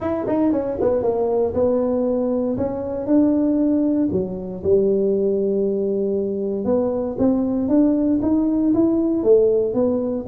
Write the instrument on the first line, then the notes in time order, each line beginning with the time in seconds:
tuba
0.00 E4
0.26 D#4
0.52 C#4
0.81 B3
1.02 A#3
1.54 B3
2.57 C#4
3.06 D4
4.11 F#3
4.63 G3
6.65 B3
7.18 C4
7.68 D4
8.22 D#4
8.74 E4
9.23 A3
9.74 B3